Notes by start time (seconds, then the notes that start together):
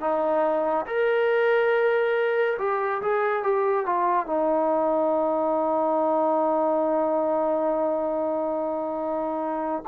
0.00 D#4
0.86 A#4
2.59 G4
3.02 G#4
3.43 G4
3.86 F4
4.26 D#4